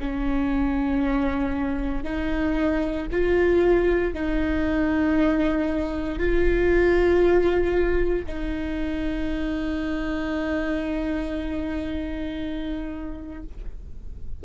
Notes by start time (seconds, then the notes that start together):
0.00 C#4
2.04 D#4
3.12 F4
4.14 D#4
6.19 F4
8.26 D#4